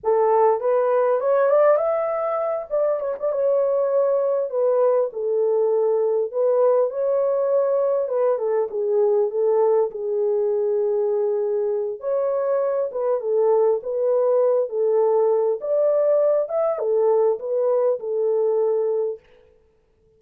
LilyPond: \new Staff \with { instrumentName = "horn" } { \time 4/4 \tempo 4 = 100 a'4 b'4 cis''8 d''8 e''4~ | e''8 d''8 cis''16 d''16 cis''2 b'8~ | b'8 a'2 b'4 cis''8~ | cis''4. b'8 a'8 gis'4 a'8~ |
a'8 gis'2.~ gis'8 | cis''4. b'8 a'4 b'4~ | b'8 a'4. d''4. e''8 | a'4 b'4 a'2 | }